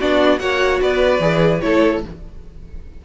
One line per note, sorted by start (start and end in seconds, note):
0.00 0.40 B3
0.00 0.39 D4
0.00 0.41 F#4
0.00 0.39 D5
0.39 0.81 A#3
0.39 1.21 F#4
0.39 0.82 C#5
0.39 0.80 F#5
0.82 1.20 B3
0.82 1.63 B4
0.82 1.61 D5
1.20 1.61 E3
1.20 1.61 G#4
1.61 2.05 A3
1.61 2.02 E4
1.61 2.05 A4
1.61 2.02 C#5